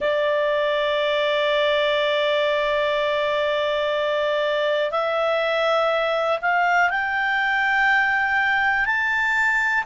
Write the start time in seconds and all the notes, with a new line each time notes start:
0.00 D5
4.91 E5
6.41 F5
6.90 G5
8.85 A5